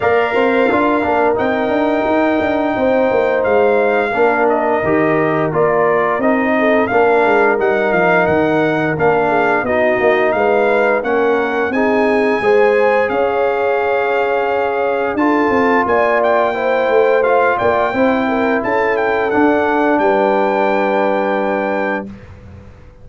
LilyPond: <<
  \new Staff \with { instrumentName = "trumpet" } { \time 4/4 \tempo 4 = 87 f''2 g''2~ | g''4 f''4. dis''4. | d''4 dis''4 f''4 fis''8 f''8 | fis''4 f''4 dis''4 f''4 |
fis''4 gis''2 f''4~ | f''2 a''4 gis''8 g''8~ | g''4 f''8 g''4. a''8 g''8 | fis''4 g''2. | }
  \new Staff \with { instrumentName = "horn" } { \time 4/4 d''8 c''8 ais'2. | c''2 ais'2~ | ais'4. a'8 ais'2~ | ais'4. gis'8 fis'4 b'4 |
ais'4 gis'4 c''4 cis''4~ | cis''2 a'4 d''4 | c''4. d''8 c''8 ais'8 a'4~ | a'4 b'2. | }
  \new Staff \with { instrumentName = "trombone" } { \time 4/4 ais'4 f'8 d'8 dis'2~ | dis'2 d'4 g'4 | f'4 dis'4 d'4 dis'4~ | dis'4 d'4 dis'2 |
cis'4 dis'4 gis'2~ | gis'2 f'2 | e'4 f'4 e'2 | d'1 | }
  \new Staff \with { instrumentName = "tuba" } { \time 4/4 ais8 c'8 d'8 ais8 c'8 d'8 dis'8 d'8 | c'8 ais8 gis4 ais4 dis4 | ais4 c'4 ais8 gis8 g8 f8 | dis4 ais4 b8 ais8 gis4 |
ais4 c'4 gis4 cis'4~ | cis'2 d'8 c'8 ais4~ | ais8 a4 ais8 c'4 cis'4 | d'4 g2. | }
>>